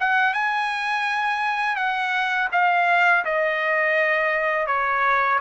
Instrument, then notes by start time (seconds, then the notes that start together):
trumpet
0.00 F#5
0.34 G#5
1.76 F#5
2.52 F5
3.25 D#5
4.67 C#5